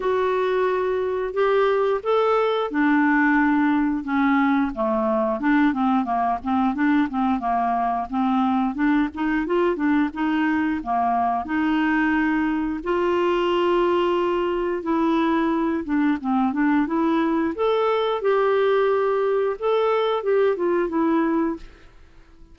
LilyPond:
\new Staff \with { instrumentName = "clarinet" } { \time 4/4 \tempo 4 = 89 fis'2 g'4 a'4 | d'2 cis'4 a4 | d'8 c'8 ais8 c'8 d'8 c'8 ais4 | c'4 d'8 dis'8 f'8 d'8 dis'4 |
ais4 dis'2 f'4~ | f'2 e'4. d'8 | c'8 d'8 e'4 a'4 g'4~ | g'4 a'4 g'8 f'8 e'4 | }